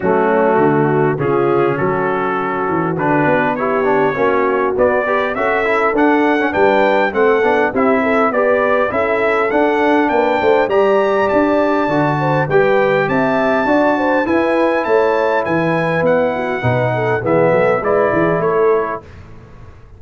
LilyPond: <<
  \new Staff \with { instrumentName = "trumpet" } { \time 4/4 \tempo 4 = 101 fis'2 gis'4 a'4~ | a'4 b'4 cis''2 | d''4 e''4 fis''4 g''4 | fis''4 e''4 d''4 e''4 |
fis''4 g''4 ais''4 a''4~ | a''4 g''4 a''2 | gis''4 a''4 gis''4 fis''4~ | fis''4 e''4 d''4 cis''4 | }
  \new Staff \with { instrumentName = "horn" } { \time 4/4 cis'4 fis'4 f'4 fis'4~ | fis'2 g'4 fis'4~ | fis'8 b'8 a'2 b'4 | a'4 g'8 a'8 b'4 a'4~ |
a'4 b'8 c''8 d''2~ | d''8 c''8 b'4 e''4 d''8 c''8 | b'4 cis''4 b'4. fis'8 | b'8 a'8 gis'8 a'8 b'8 gis'8 a'4 | }
  \new Staff \with { instrumentName = "trombone" } { \time 4/4 a2 cis'2~ | cis'4 d'4 e'8 d'8 cis'4 | b8 g'8 fis'8 e'8 d'8. cis'16 d'4 | c'8 d'8 e'4 g'4 e'4 |
d'2 g'2 | fis'4 g'2 fis'4 | e'1 | dis'4 b4 e'2 | }
  \new Staff \with { instrumentName = "tuba" } { \time 4/4 fis4 d4 cis4 fis4~ | fis8 e8 d8 b4. ais4 | b4 cis'4 d'4 g4 | a8 b8 c'4 b4 cis'4 |
d'4 ais8 a8 g4 d'4 | d4 g4 c'4 d'4 | e'4 a4 e4 b4 | b,4 e8 fis8 gis8 e8 a4 | }
>>